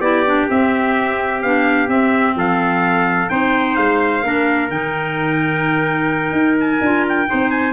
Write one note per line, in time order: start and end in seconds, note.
0.00 0.47 B3
0.00 0.25 E4
0.00 2.34 G4
0.00 0.47 D5
0.26 0.48 D4
0.48 1.42 C4
0.48 1.43 C4
0.48 1.42 E5
1.42 1.88 B3
1.42 1.88 D4
1.42 1.89 F5
1.88 3.28 C4
1.88 2.35 C4
1.88 2.36 E5
2.35 3.29 F3
2.35 3.31 A4
2.35 3.29 F5
3.29 3.76 C4
3.29 4.23 D#4
3.29 4.24 C5
3.29 3.76 G5
3.76 4.23 G#3
3.76 4.69 F5
4.23 4.69 A#3
4.23 4.70 D4
4.23 7.29 A#4
4.69 6.32 D#3
4.69 6.82 D#4
4.69 6.58 G5
6.32 6.79 D#4
6.59 7.06 G#5
6.81 7.27 D4
6.81 7.26 F4
7.08 7.50 G5
7.26 7.73 D#4
7.26 7.73 C5
7.32 7.73 C4
7.50 7.73 G#5